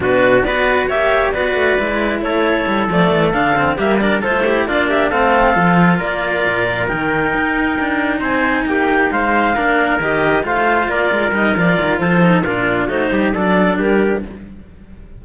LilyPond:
<<
  \new Staff \with { instrumentName = "clarinet" } { \time 4/4 \tempo 4 = 135 b'4 d''4 e''4 d''4~ | d''4 cis''4. d''4 f''8~ | f''8 e''8 d''8 c''4 d''8 e''8 f''8~ | f''4. d''2 g''8~ |
g''2~ g''8 gis''4 g''8~ | g''8 f''2 dis''4 f''8~ | f''8 d''4 dis''8 d''4 c''4 | ais'4 c''4 d''4 ais'4 | }
  \new Staff \with { instrumentName = "trumpet" } { \time 4/4 fis'4 b'4 cis''4 b'4~ | b'4 a'2.~ | a'8 g'8 ais'8 a'8 g'8 f'8 g'8 a'8~ | a'4. ais'2~ ais'8~ |
ais'2~ ais'8 c''4 g'8~ | g'8 c''4 ais'2 c''8~ | c''8 ais'2~ ais'8 a'4 | f'4 fis'8 g'8 a'4 g'4 | }
  \new Staff \with { instrumentName = "cello" } { \time 4/4 d'4 fis'4 g'4 fis'4 | e'2~ e'8 a4 d'8 | c'8 ais8 d'8 f'8 e'8 d'4 c'8~ | c'8 f'2. dis'8~ |
dis'1~ | dis'4. d'4 g'4 f'8~ | f'4. dis'8 f'4. dis'8 | d'4 dis'4 d'2 | }
  \new Staff \with { instrumentName = "cello" } { \time 4/4 b,4 b4 ais4 b8 a8 | gis4 a4 g8 f8 e8 d8~ | d8 g4 a4 ais4 a8~ | a8 f4 ais4 ais,4 dis8~ |
dis8 dis'4 d'4 c'4 ais8~ | ais8 gis4 ais4 dis4 a8~ | a8 ais8 gis8 g8 f8 dis8 f4 | ais,4 a8 g8 fis4 g4 | }
>>